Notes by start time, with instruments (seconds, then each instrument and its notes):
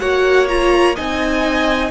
0.00 cello A#3, viola F#4, violin C#5 F#5
0.48 viola F4, violin A#5
0.95 cello C4, viola D#4, violin D#5 G#5